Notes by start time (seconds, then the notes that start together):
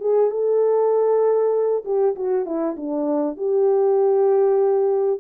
0.00 G#4
0.31 A4
1.85 G4
2.16 F#4
2.45 E4
2.76 D4
3.37 G4